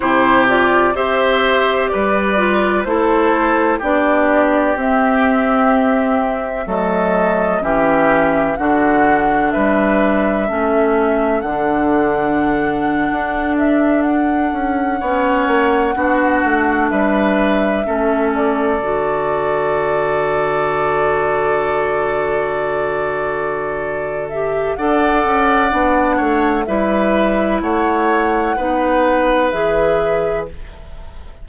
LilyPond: <<
  \new Staff \with { instrumentName = "flute" } { \time 4/4 \tempo 4 = 63 c''8 d''8 e''4 d''4 c''4 | d''4 e''2 dis''4 | e''4 fis''4 e''2 | fis''2~ fis''16 e''8 fis''4~ fis''16~ |
fis''4.~ fis''16 e''4. d''8.~ | d''1~ | d''4. e''8 fis''2 | e''4 fis''2 e''4 | }
  \new Staff \with { instrumentName = "oboe" } { \time 4/4 g'4 c''4 b'4 a'4 | g'2. a'4 | g'4 fis'4 b'4 a'4~ | a'2.~ a'8. cis''16~ |
cis''8. fis'4 b'4 a'4~ a'16~ | a'1~ | a'2 d''4. cis''8 | b'4 cis''4 b'2 | }
  \new Staff \with { instrumentName = "clarinet" } { \time 4/4 e'8 f'8 g'4. f'8 e'4 | d'4 c'2 a4 | cis'4 d'2 cis'4 | d'2.~ d'8. cis'16~ |
cis'8. d'2 cis'4 fis'16~ | fis'1~ | fis'4. g'8 a'4 d'4 | e'2 dis'4 gis'4 | }
  \new Staff \with { instrumentName = "bassoon" } { \time 4/4 c4 c'4 g4 a4 | b4 c'2 fis4 | e4 d4 g4 a4 | d4.~ d16 d'4. cis'8 b16~ |
b16 ais8 b8 a8 g4 a4 d16~ | d1~ | d2 d'8 cis'8 b8 a8 | g4 a4 b4 e4 | }
>>